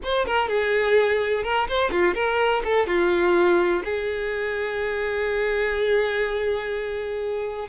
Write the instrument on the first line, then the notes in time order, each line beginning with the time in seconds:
violin
0.03 C5
0.26 A#4
0.48 G#4
1.43 A#4
1.68 C5
1.90 F4
2.14 A#4
2.64 A4
2.86 F4
3.84 G#4